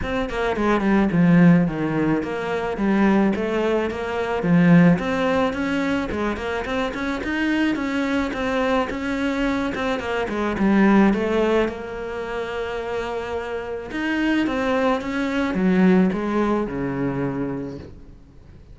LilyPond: \new Staff \with { instrumentName = "cello" } { \time 4/4 \tempo 4 = 108 c'8 ais8 gis8 g8 f4 dis4 | ais4 g4 a4 ais4 | f4 c'4 cis'4 gis8 ais8 | c'8 cis'8 dis'4 cis'4 c'4 |
cis'4. c'8 ais8 gis8 g4 | a4 ais2.~ | ais4 dis'4 c'4 cis'4 | fis4 gis4 cis2 | }